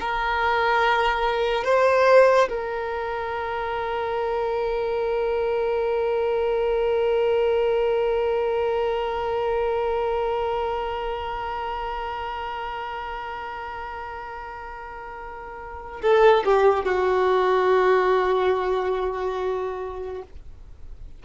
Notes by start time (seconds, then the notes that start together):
0.00 A#4
1.64 C5
2.49 A#4
16.01 A4
16.45 G4
16.85 F#4